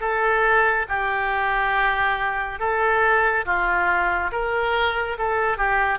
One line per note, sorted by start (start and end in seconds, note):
0.00 0.86 A4
0.88 2.59 G4
2.59 3.45 A4
3.45 4.31 F4
4.32 5.17 A#4
5.18 5.57 A4
5.57 5.98 G4